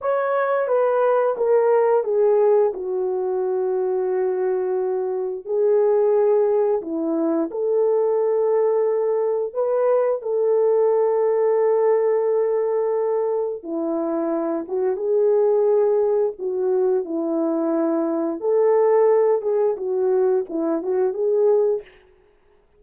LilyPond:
\new Staff \with { instrumentName = "horn" } { \time 4/4 \tempo 4 = 88 cis''4 b'4 ais'4 gis'4 | fis'1 | gis'2 e'4 a'4~ | a'2 b'4 a'4~ |
a'1 | e'4. fis'8 gis'2 | fis'4 e'2 a'4~ | a'8 gis'8 fis'4 e'8 fis'8 gis'4 | }